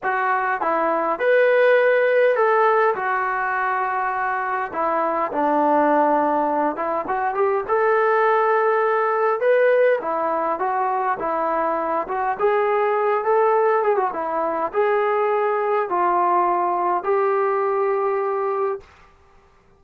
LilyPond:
\new Staff \with { instrumentName = "trombone" } { \time 4/4 \tempo 4 = 102 fis'4 e'4 b'2 | a'4 fis'2. | e'4 d'2~ d'8 e'8 | fis'8 g'8 a'2. |
b'4 e'4 fis'4 e'4~ | e'8 fis'8 gis'4. a'4 gis'16 fis'16 | e'4 gis'2 f'4~ | f'4 g'2. | }